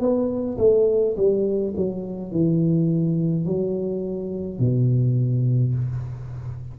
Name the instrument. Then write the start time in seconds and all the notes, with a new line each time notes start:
tuba
0.00 B3
0.58 A3
1.17 G3
1.77 F#3
2.32 E3
3.46 F#3
4.59 B2